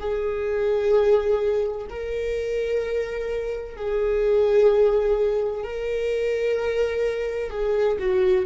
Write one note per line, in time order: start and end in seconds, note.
0.00 1.87 G#4
1.90 3.77 A#4
3.77 5.64 G#4
5.64 7.51 A#4
7.51 7.98 G#4
7.99 8.46 F#4